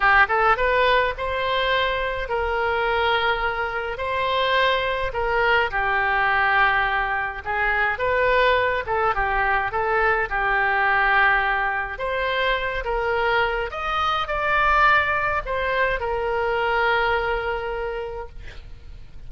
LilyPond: \new Staff \with { instrumentName = "oboe" } { \time 4/4 \tempo 4 = 105 g'8 a'8 b'4 c''2 | ais'2. c''4~ | c''4 ais'4 g'2~ | g'4 gis'4 b'4. a'8 |
g'4 a'4 g'2~ | g'4 c''4. ais'4. | dis''4 d''2 c''4 | ais'1 | }